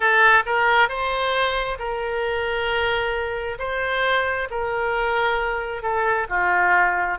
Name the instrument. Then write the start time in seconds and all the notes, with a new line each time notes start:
oboe
0.00 A4
0.45 A#4
0.88 C5
1.78 A#4
3.59 C5
4.50 A#4
5.82 A4
6.29 F4